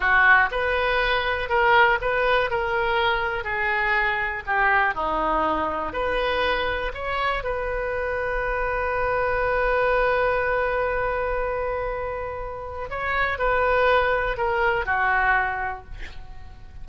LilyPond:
\new Staff \with { instrumentName = "oboe" } { \time 4/4 \tempo 4 = 121 fis'4 b'2 ais'4 | b'4 ais'2 gis'4~ | gis'4 g'4 dis'2 | b'2 cis''4 b'4~ |
b'1~ | b'1~ | b'2 cis''4 b'4~ | b'4 ais'4 fis'2 | }